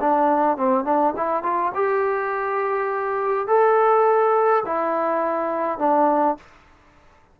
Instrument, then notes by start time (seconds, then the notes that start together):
trombone
0.00 D4
0.57 C4
0.84 D4
1.17 E4
1.43 F4
1.75 G4
3.47 A4
4.66 E4
5.79 D4